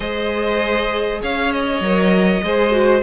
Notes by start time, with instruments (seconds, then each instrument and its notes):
0.00 cello G#3, viola G#4, violin C5 D#5
1.21 cello C#4, violin C#5 F5
1.52 violin D#5
1.80 cello F#3, viola A#4
2.43 cello G#3, viola G#4, violin C5
2.71 viola F#4